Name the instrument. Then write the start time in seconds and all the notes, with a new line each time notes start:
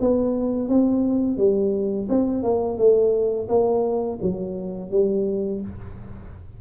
tuba
0.00 B3
0.68 C4
1.37 G3
2.09 C4
2.43 A#3
2.78 A3
3.48 A#3
4.22 F#3
4.90 G3